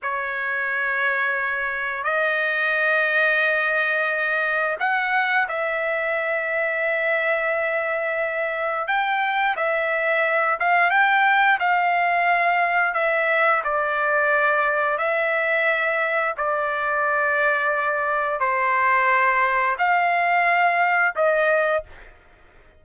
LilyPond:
\new Staff \with { instrumentName = "trumpet" } { \time 4/4 \tempo 4 = 88 cis''2. dis''4~ | dis''2. fis''4 | e''1~ | e''4 g''4 e''4. f''8 |
g''4 f''2 e''4 | d''2 e''2 | d''2. c''4~ | c''4 f''2 dis''4 | }